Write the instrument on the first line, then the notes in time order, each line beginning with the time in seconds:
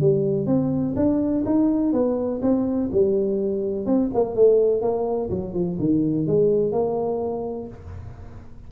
tuba
0.00 G3
0.46 C4
0.96 D4
1.45 D#4
1.92 B3
2.42 C4
2.91 G3
3.86 C4
4.13 A#3
4.35 A3
4.81 A#3
5.30 F#3
5.53 F3
5.79 D#3
6.26 G#3
6.72 A#3